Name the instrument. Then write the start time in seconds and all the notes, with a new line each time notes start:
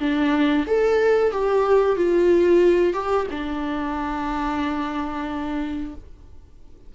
viola
0.00 D4
0.67 A4
1.32 G4
1.96 F4
2.94 G4
3.31 D4